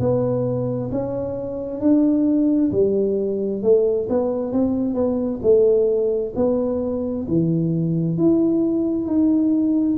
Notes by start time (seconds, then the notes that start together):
0.00 B3
0.92 C#4
1.81 D4
2.72 G3
3.63 A3
4.10 B3
4.53 C4
4.95 B3
5.43 A3
6.36 B3
7.28 E3
8.18 E4
9.07 D#4